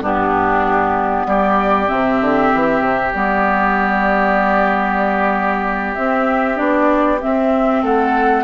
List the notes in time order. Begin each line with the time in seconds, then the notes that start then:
0.00 G2 B3 D4 G4
1.26 G3 G4 D5
1.87 C3 C4 E5
2.20 D3
2.54 E3
2.80 C3
3.13 G3 B3 D5
5.94 C4 E5
6.55 B3 D4 D5
7.21 C4 E5
7.82 A3 A4 F#5